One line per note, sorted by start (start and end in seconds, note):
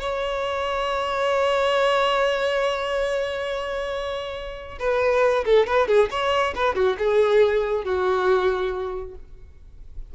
0.00 4.78 C#5
4.79 5.45 B4
5.45 5.67 A4
5.67 5.88 B4
5.88 6.09 G#4
6.11 6.54 C#5
6.56 6.75 B4
6.75 6.97 F#4
6.99 7.84 G#4
7.84 9.15 F#4